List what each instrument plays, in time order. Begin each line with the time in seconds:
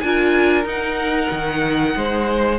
0.00 cello D4, viola F4, violin A#4 G#5
0.64 viola D#4, cello D#4, violin F#5
1.31 cello D#3
1.96 cello G#3, violin C5